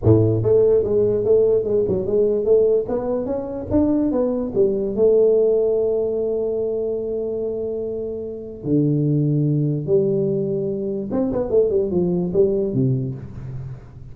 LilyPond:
\new Staff \with { instrumentName = "tuba" } { \time 4/4 \tempo 4 = 146 a,4 a4 gis4 a4 | gis8 fis8 gis4 a4 b4 | cis'4 d'4 b4 g4 | a1~ |
a1~ | a4 d2. | g2. c'8 b8 | a8 g8 f4 g4 c4 | }